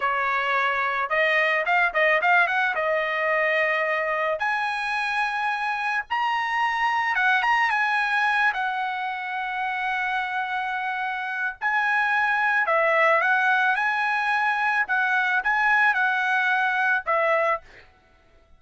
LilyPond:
\new Staff \with { instrumentName = "trumpet" } { \time 4/4 \tempo 4 = 109 cis''2 dis''4 f''8 dis''8 | f''8 fis''8 dis''2. | gis''2. ais''4~ | ais''4 fis''8 ais''8 gis''4. fis''8~ |
fis''1~ | fis''4 gis''2 e''4 | fis''4 gis''2 fis''4 | gis''4 fis''2 e''4 | }